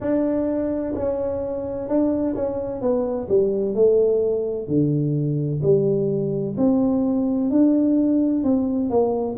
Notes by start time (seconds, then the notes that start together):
0.00 D4
0.95 C#4
1.88 D4
2.35 C#4
2.81 B3
3.28 G3
3.75 A3
4.67 D3
5.62 G3
6.57 C4
7.50 D4
8.43 C4
8.89 A#3